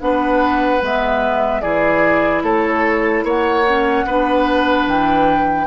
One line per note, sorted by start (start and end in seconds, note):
0.00 0.82 B3
0.00 0.81 D4
0.00 1.62 B4
0.00 0.82 F#5
0.81 1.63 G#3
0.81 1.62 B3
0.81 1.61 E5
1.61 2.43 E3
1.61 3.65 E4
1.61 2.43 G#4
1.61 2.42 D5
2.43 3.24 A3
2.43 3.25 A4
2.43 3.25 C#5
3.24 4.05 A#3
3.24 4.06 C#5
3.24 4.88 F#5
3.67 4.07 C#4
4.06 4.87 B3
4.06 5.67 D4
4.06 5.67 B4
4.87 5.67 E3
4.87 5.67 G5